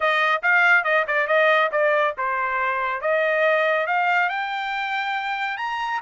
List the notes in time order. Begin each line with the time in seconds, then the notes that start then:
0.00 D#5
0.42 F5
0.84 D#5
1.07 D5
1.27 D#5
1.71 D5
2.17 C5
3.01 D#5
3.86 F5
4.29 G5
5.57 A#5